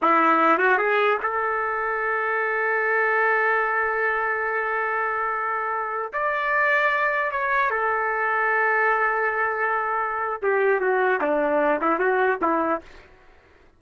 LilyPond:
\new Staff \with { instrumentName = "trumpet" } { \time 4/4 \tempo 4 = 150 e'4. fis'8 gis'4 a'4~ | a'1~ | a'1~ | a'2.~ a'16 d''8.~ |
d''2~ d''16 cis''4 a'8.~ | a'1~ | a'2 g'4 fis'4 | d'4. e'8 fis'4 e'4 | }